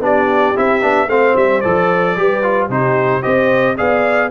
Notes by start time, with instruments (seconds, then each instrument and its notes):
0.00 tuba B3, trombone D4, horn G4, trumpet D5
0.56 tuba C4, trombone E4, trumpet E5
0.81 tuba B3, trombone D4
1.07 tuba A3, trombone C4, horn C5, trumpet F5
1.36 tuba G3, trumpet E5
1.61 tuba F3, trombone A4, trumpet D5
2.17 tuba G3, trombone G4, horn B4
2.43 trombone F4
2.69 tuba C3, trombone D#4, horn G4, trumpet C5
3.22 tuba C4, trombone G4, horn C5, trumpet D#5
3.77 tuba B3, trombone G#4, horn D5, trumpet F5